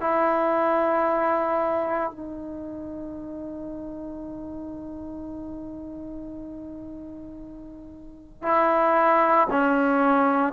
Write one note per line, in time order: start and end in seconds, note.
0.00 2.11 E4
2.11 8.42 D#4
8.42 9.47 E4
9.50 10.53 C#4